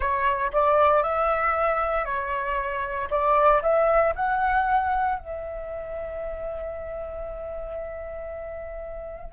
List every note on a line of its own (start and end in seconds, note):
0.00 0.51 C#5
0.52 1.02 D5
1.02 2.04 E5
2.04 3.08 C#5
3.10 3.62 D5
3.62 4.14 E5
4.15 5.18 F#5
5.18 9.32 E5